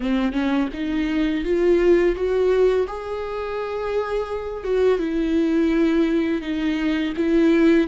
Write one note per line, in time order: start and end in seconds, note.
0.00 0.32 C4
0.32 0.68 C#4
0.73 1.44 D#4
1.44 2.15 F4
2.15 2.86 F#4
2.87 4.64 G#4
4.64 4.98 F#4
4.98 6.41 E4
6.41 7.13 D#4
7.16 7.87 E4